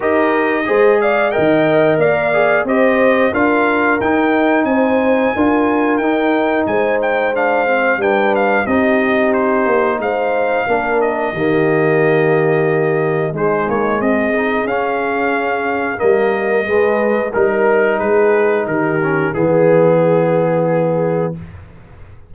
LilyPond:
<<
  \new Staff \with { instrumentName = "trumpet" } { \time 4/4 \tempo 4 = 90 dis''4. f''8 g''4 f''4 | dis''4 f''4 g''4 gis''4~ | gis''4 g''4 gis''8 g''8 f''4 | g''8 f''8 dis''4 c''4 f''4~ |
f''8 dis''2.~ dis''8 | c''8 cis''8 dis''4 f''2 | dis''2 ais'4 b'4 | ais'4 gis'2. | }
  \new Staff \with { instrumentName = "horn" } { \time 4/4 ais'4 c''8 d''8 dis''4 d''4 | c''4 ais'2 c''4 | ais'2 c''2 | b'4 g'2 c''4 |
ais'4 g'2. | dis'4 gis'2. | ais'4 b'4 ais'4 gis'4 | g'4 gis'2. | }
  \new Staff \with { instrumentName = "trombone" } { \time 4/4 g'4 gis'4 ais'4. gis'8 | g'4 f'4 dis'2 | f'4 dis'2 d'8 c'8 | d'4 dis'2. |
d'4 ais2. | gis4. dis'8 cis'2 | ais4 gis4 dis'2~ | dis'8 cis'8 b2. | }
  \new Staff \with { instrumentName = "tuba" } { \time 4/4 dis'4 gis4 dis4 ais4 | c'4 d'4 dis'4 c'4 | d'4 dis'4 gis2 | g4 c'4. ais8 gis4 |
ais4 dis2. | gis8 ais8 c'4 cis'2 | g4 gis4 g4 gis4 | dis4 e2. | }
>>